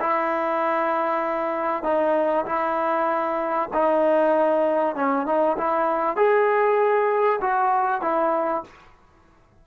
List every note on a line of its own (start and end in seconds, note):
0.00 1.83 E4
1.83 2.45 D#4
2.45 3.69 E4
3.73 4.95 D#4
4.95 5.25 C#4
5.25 5.56 D#4
5.57 6.16 E4
6.16 7.40 G#4
7.41 8.01 F#4
8.01 8.63 E4